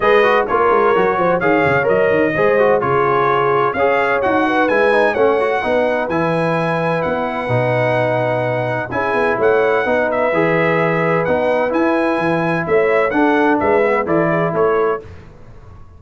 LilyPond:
<<
  \new Staff \with { instrumentName = "trumpet" } { \time 4/4 \tempo 4 = 128 dis''4 cis''2 f''4 | dis''2 cis''2 | f''4 fis''4 gis''4 fis''4~ | fis''4 gis''2 fis''4~ |
fis''2. gis''4 | fis''4. e''2~ e''8 | fis''4 gis''2 e''4 | fis''4 e''4 d''4 cis''4 | }
  \new Staff \with { instrumentName = "horn" } { \time 4/4 b'4 ais'4. c''8 cis''4~ | cis''4 c''4 gis'2 | cis''4. b'4. cis''4 | b'1~ |
b'2. gis'4 | cis''4 b'2.~ | b'2. cis''4 | a'4 b'4 a'8 gis'8 a'4 | }
  \new Staff \with { instrumentName = "trombone" } { \time 4/4 gis'8 fis'8 f'4 fis'4 gis'4 | ais'4 gis'8 fis'8 f'2 | gis'4 fis'4 e'8 dis'8 cis'8 fis'8 | dis'4 e'2. |
dis'2. e'4~ | e'4 dis'4 gis'2 | dis'4 e'2. | d'4. b8 e'2 | }
  \new Staff \with { instrumentName = "tuba" } { \time 4/4 gis4 ais8 gis8 fis8 f8 dis8 cis8 | fis8 dis8 gis4 cis2 | cis'4 dis'4 gis4 a4 | b4 e2 b4 |
b,2. cis'8 b8 | a4 b4 e2 | b4 e'4 e4 a4 | d'4 gis4 e4 a4 | }
>>